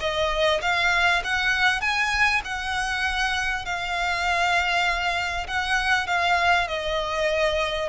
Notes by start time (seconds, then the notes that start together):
0.00 D#5
0.62 F5
1.24 F#5
1.80 G#5
2.44 F#5
3.65 F5
5.47 F#5
6.07 F5
6.68 D#5